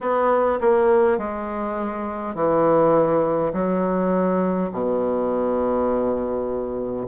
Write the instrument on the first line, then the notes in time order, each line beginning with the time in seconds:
bassoon
0.00 B3
0.60 A#3
1.18 G#3
2.34 E3
3.53 F#3
4.72 B2